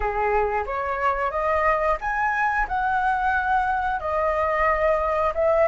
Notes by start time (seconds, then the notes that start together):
0.00 G#4
0.66 C#5
1.30 D#5
2.00 G#5
2.68 F#5
4.00 D#5
5.34 E5